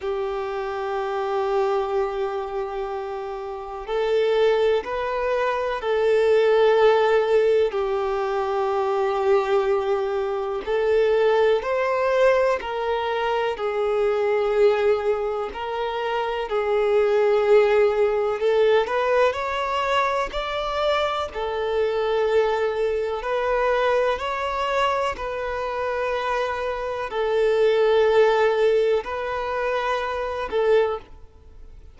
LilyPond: \new Staff \with { instrumentName = "violin" } { \time 4/4 \tempo 4 = 62 g'1 | a'4 b'4 a'2 | g'2. a'4 | c''4 ais'4 gis'2 |
ais'4 gis'2 a'8 b'8 | cis''4 d''4 a'2 | b'4 cis''4 b'2 | a'2 b'4. a'8 | }